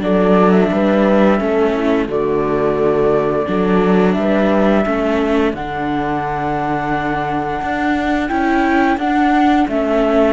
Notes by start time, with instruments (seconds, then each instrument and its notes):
0.00 cello F#3, viola D4, horn A4, flute D5
0.51 flute E5
0.71 cello G3, horn B4
1.38 cello A3, viola C#4, horn A4
1.74 horn E4
2.07 cello D3, viola A3, horn F#4, flute D5
3.46 cello F#3, viola D4, horn A4
4.12 cello G3, flute E5
4.19 horn B4
4.85 cello A3, viola C#4, horn A4
5.53 cello D3, viola D4, flute F#5
7.61 cello D4
8.28 cello C#4, viola E4, flute G5
8.97 cello D4, viola D4, flute F#5
9.68 cello A3, viola C#4, flute E5